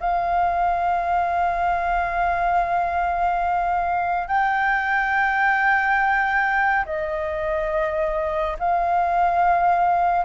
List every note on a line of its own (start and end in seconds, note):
0.00 4.28 F5
4.28 6.85 G5
6.85 8.57 D#5
8.59 10.25 F5